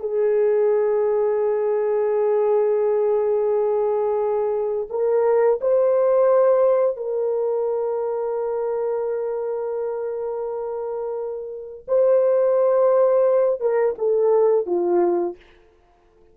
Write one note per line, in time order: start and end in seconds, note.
0.00 4.88 G#4
4.90 5.60 A#4
5.62 6.97 C5
6.97 11.86 A#4
11.88 13.61 C5
13.61 13.96 A#4
13.99 14.67 A4
14.67 15.36 F4